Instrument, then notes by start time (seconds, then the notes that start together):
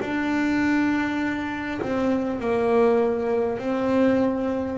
double bass
0.00 D4
1.81 C4
2.39 A#3
3.58 C4